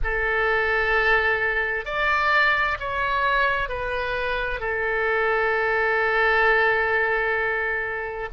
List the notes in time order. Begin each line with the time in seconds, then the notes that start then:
0.03 A4
1.85 D5
2.79 C#5
3.68 B4
4.59 A4